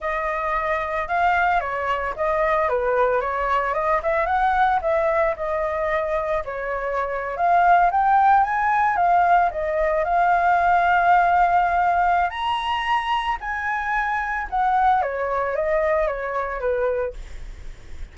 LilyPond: \new Staff \with { instrumentName = "flute" } { \time 4/4 \tempo 4 = 112 dis''2 f''4 cis''4 | dis''4 b'4 cis''4 dis''8 e''8 | fis''4 e''4 dis''2 | cis''4.~ cis''16 f''4 g''4 gis''16~ |
gis''8. f''4 dis''4 f''4~ f''16~ | f''2. ais''4~ | ais''4 gis''2 fis''4 | cis''4 dis''4 cis''4 b'4 | }